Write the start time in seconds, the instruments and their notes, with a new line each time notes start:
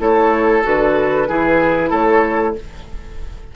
0.00 bassoon A3, clarinet E4, oboe A4, flute C#5
0.63 bassoon D3, clarinet F#4, flute B4
1.28 bassoon E3, clarinet E4, oboe G#4
1.90 bassoon A3, oboe A4, flute C#5